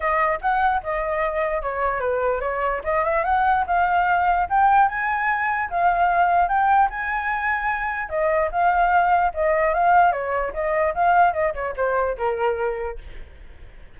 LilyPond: \new Staff \with { instrumentName = "flute" } { \time 4/4 \tempo 4 = 148 dis''4 fis''4 dis''2 | cis''4 b'4 cis''4 dis''8 e''8 | fis''4 f''2 g''4 | gis''2 f''2 |
g''4 gis''2. | dis''4 f''2 dis''4 | f''4 cis''4 dis''4 f''4 | dis''8 cis''8 c''4 ais'2 | }